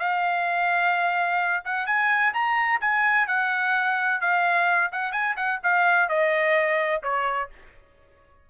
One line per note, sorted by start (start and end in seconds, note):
0.00 1.64 F5
1.65 1.87 F#5
1.87 2.34 G#5
2.34 2.81 A#5
2.81 3.28 G#5
3.28 4.21 F#5
4.21 4.92 F5
4.92 5.13 F#5
5.13 5.36 G#5
5.37 5.60 F#5
5.64 6.09 F5
6.09 7.03 D#5
7.03 7.50 C#5